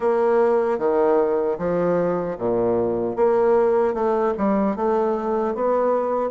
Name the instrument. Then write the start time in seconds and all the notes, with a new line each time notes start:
bassoon
0.00 A#3
0.78 D#3
1.58 F3
2.38 A#2
3.15 A#3
3.94 A3
4.37 G3
4.76 A3
5.54 B3